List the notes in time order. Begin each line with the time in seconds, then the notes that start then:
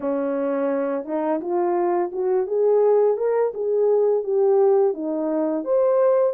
0.00 C#4
1.05 D#4
1.40 F4
2.11 F#4
2.46 G#4
3.17 A#4
3.54 G#4
4.23 G4
4.93 D#4
5.64 C5